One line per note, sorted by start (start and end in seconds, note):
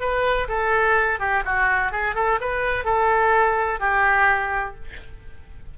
0.00 0.48 B4
0.48 1.19 A4
1.19 1.43 G4
1.45 1.92 F#4
1.92 2.15 G#4
2.15 2.39 A4
2.40 2.84 B4
2.84 3.80 A4
3.80 4.75 G4